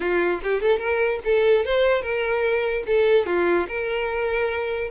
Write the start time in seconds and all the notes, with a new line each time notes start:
0.00 F4
0.43 G4
0.61 A4
0.79 A#4
1.24 A4
1.65 C5
2.01 A#4
2.86 A4
3.26 F4
3.68 A#4